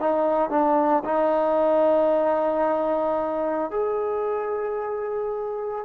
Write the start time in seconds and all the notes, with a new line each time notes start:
0.00 D#4
0.50 D4
1.05 D#4
3.71 G#4